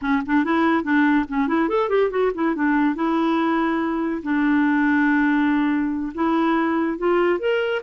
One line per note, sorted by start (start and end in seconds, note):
0.01 0.22 C#4
0.26 0.44 D4
0.44 0.83 E4
0.83 1.25 D4
1.28 1.47 C#4
1.47 1.68 E4
1.68 1.89 A4
1.89 2.10 G4
2.10 2.31 F#4
2.34 2.55 E4
2.55 2.95 D4
2.95 4.22 E4
4.22 6.12 D4
6.14 6.98 E4
6.98 7.39 F4
7.39 7.81 A#4